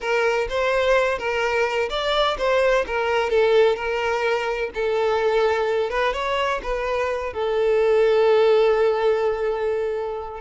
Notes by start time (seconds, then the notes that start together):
0.00 A#4
0.49 C5
1.18 A#4
1.89 D5
2.38 C5
2.86 A#4
3.29 A4
3.76 A#4
4.74 A4
5.90 B4
6.13 C#5
6.62 B4
7.33 A4